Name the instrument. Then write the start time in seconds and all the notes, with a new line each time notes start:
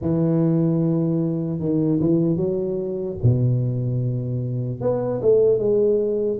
tuba
0.01 E3
1.59 D#3
2.00 E3
2.36 F#3
3.22 B2
4.80 B3
5.21 A3
5.58 G#3